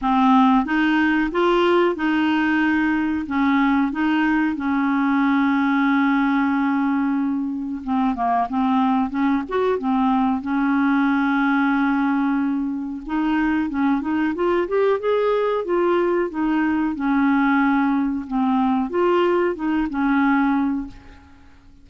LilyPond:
\new Staff \with { instrumentName = "clarinet" } { \time 4/4 \tempo 4 = 92 c'4 dis'4 f'4 dis'4~ | dis'4 cis'4 dis'4 cis'4~ | cis'1 | c'8 ais8 c'4 cis'8 fis'8 c'4 |
cis'1 | dis'4 cis'8 dis'8 f'8 g'8 gis'4 | f'4 dis'4 cis'2 | c'4 f'4 dis'8 cis'4. | }